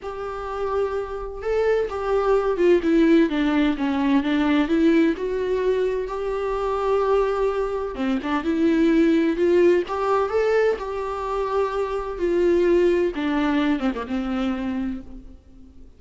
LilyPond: \new Staff \with { instrumentName = "viola" } { \time 4/4 \tempo 4 = 128 g'2. a'4 | g'4. f'8 e'4 d'4 | cis'4 d'4 e'4 fis'4~ | fis'4 g'2.~ |
g'4 c'8 d'8 e'2 | f'4 g'4 a'4 g'4~ | g'2 f'2 | d'4. c'16 ais16 c'2 | }